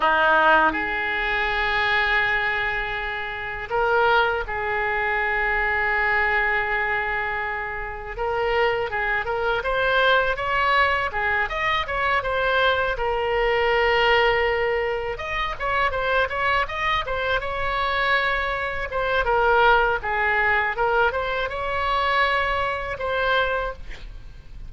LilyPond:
\new Staff \with { instrumentName = "oboe" } { \time 4/4 \tempo 4 = 81 dis'4 gis'2.~ | gis'4 ais'4 gis'2~ | gis'2. ais'4 | gis'8 ais'8 c''4 cis''4 gis'8 dis''8 |
cis''8 c''4 ais'2~ ais'8~ | ais'8 dis''8 cis''8 c''8 cis''8 dis''8 c''8 cis''8~ | cis''4. c''8 ais'4 gis'4 | ais'8 c''8 cis''2 c''4 | }